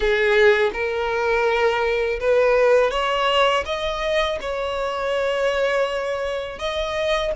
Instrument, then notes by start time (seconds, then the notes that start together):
violin
0.00 G#4
0.73 A#4
2.20 B4
2.91 C#5
3.65 D#5
4.40 C#5
6.58 D#5